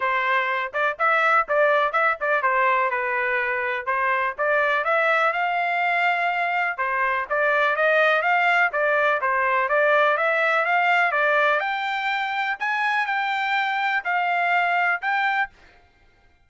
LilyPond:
\new Staff \with { instrumentName = "trumpet" } { \time 4/4 \tempo 4 = 124 c''4. d''8 e''4 d''4 | e''8 d''8 c''4 b'2 | c''4 d''4 e''4 f''4~ | f''2 c''4 d''4 |
dis''4 f''4 d''4 c''4 | d''4 e''4 f''4 d''4 | g''2 gis''4 g''4~ | g''4 f''2 g''4 | }